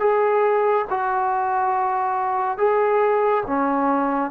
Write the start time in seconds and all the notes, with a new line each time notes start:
0.00 G#4
0.90 F#4
2.58 G#4
3.47 C#4